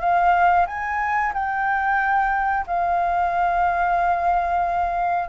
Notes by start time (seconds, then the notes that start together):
0.00 F5
0.67 G#5
1.34 G5
2.67 F5